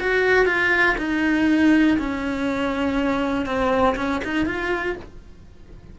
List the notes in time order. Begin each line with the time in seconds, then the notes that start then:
0.00 F#4
0.45 F4
0.98 D#4
1.98 C#4
3.46 C4
3.96 C#4
4.24 D#4
4.46 F4